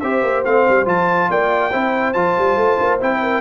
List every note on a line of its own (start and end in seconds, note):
0.00 0.23 C4
0.00 0.46 G4
0.00 1.30 C5
0.00 0.43 E5
0.23 0.44 A#3
0.45 0.67 A3
0.45 0.86 C4
0.45 0.87 F5
0.69 0.86 G3
0.86 1.29 F3
0.86 1.71 F4
0.86 1.31 A5
1.30 1.73 A#3
1.30 1.71 D5
1.30 2.13 G5
1.71 2.15 C4
1.71 2.15 E4
1.71 3.20 C5
2.13 2.36 F3
2.13 3.00 F4
2.13 2.98 A5
2.38 2.56 G3
2.56 2.78 A3
2.80 3.01 A#3
3.01 3.41 C4
3.01 3.41 E4
3.01 3.41 G5
3.22 3.41 A#4